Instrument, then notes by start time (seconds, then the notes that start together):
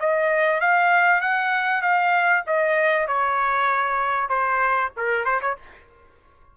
trumpet
0.00 D#5
0.61 F5
1.21 F#5
1.82 F5
2.47 D#5
3.08 C#5
4.29 C5
4.97 A#4
5.25 C5
5.41 C#5